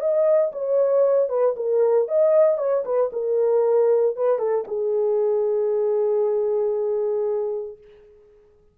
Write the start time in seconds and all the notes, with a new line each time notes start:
0.00 D#5
0.52 C#5
1.29 B4
1.56 A#4
2.08 D#5
2.58 C#5
2.85 B4
3.13 A#4
4.16 B4
4.39 A4
4.67 G#4